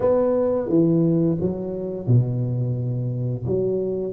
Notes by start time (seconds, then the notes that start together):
0.00 B3
0.68 E3
1.40 F#3
2.07 B2
3.46 F#3